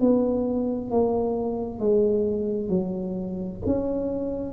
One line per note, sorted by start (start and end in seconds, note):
0.00 0.90 B3
0.90 1.79 A#3
1.79 2.69 G#3
2.69 3.60 F#3
3.66 4.53 C#4